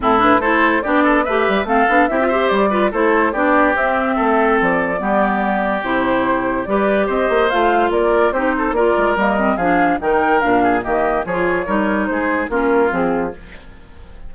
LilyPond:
<<
  \new Staff \with { instrumentName = "flute" } { \time 4/4 \tempo 4 = 144 a'8 b'8 c''4 d''4 e''4 | f''4 e''4 d''4 c''4 | d''4 e''2 d''4~ | d''2 c''2 |
d''4 dis''4 f''4 d''4 | c''4 d''4 dis''4 f''4 | g''4 f''4 dis''4 cis''4~ | cis''4 c''4 ais'4 gis'4 | }
  \new Staff \with { instrumentName = "oboe" } { \time 4/4 e'4 a'4 g'8 a'8 b'4 | a'4 g'8 c''4 b'8 a'4 | g'2 a'2 | g'1 |
b'4 c''2 ais'4 | g'8 a'8 ais'2 gis'4 | ais'4. gis'8 g'4 gis'4 | ais'4 gis'4 f'2 | }
  \new Staff \with { instrumentName = "clarinet" } { \time 4/4 c'8 d'8 e'4 d'4 g'4 | c'8 d'8 e'16 f'16 g'4 f'8 e'4 | d'4 c'2. | b2 e'2 |
g'2 f'2 | dis'4 f'4 ais8 c'8 d'4 | dis'4 d'4 ais4 f'4 | dis'2 cis'4 c'4 | }
  \new Staff \with { instrumentName = "bassoon" } { \time 4/4 a,4 a4 b4 a8 g8 | a8 b8 c'4 g4 a4 | b4 c'4 a4 f4 | g2 c2 |
g4 c'8 ais8 a4 ais4 | c'4 ais8 gis8 g4 f4 | dis4 ais,4 dis4 f4 | g4 gis4 ais4 f4 | }
>>